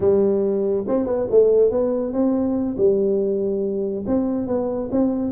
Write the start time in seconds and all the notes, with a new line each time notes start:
0.00 G3
0.87 C4
1.06 B3
1.30 A3
1.70 B3
2.12 C4
2.77 G3
4.06 C4
4.47 B3
4.91 C4